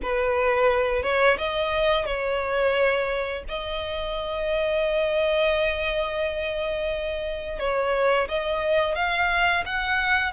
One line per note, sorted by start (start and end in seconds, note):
0.02 1.03 B4
1.03 1.37 C#5
1.38 2.05 D#5
2.05 3.43 C#5
3.48 7.59 D#5
7.59 8.28 C#5
8.28 8.95 D#5
8.95 9.64 F5
9.65 10.32 F#5